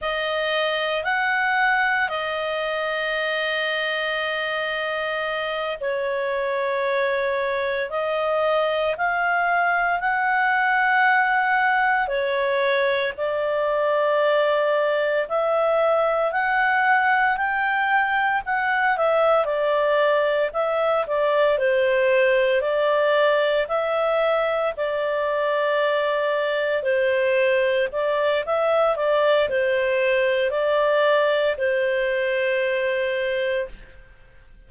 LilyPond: \new Staff \with { instrumentName = "clarinet" } { \time 4/4 \tempo 4 = 57 dis''4 fis''4 dis''2~ | dis''4. cis''2 dis''8~ | dis''8 f''4 fis''2 cis''8~ | cis''8 d''2 e''4 fis''8~ |
fis''8 g''4 fis''8 e''8 d''4 e''8 | d''8 c''4 d''4 e''4 d''8~ | d''4. c''4 d''8 e''8 d''8 | c''4 d''4 c''2 | }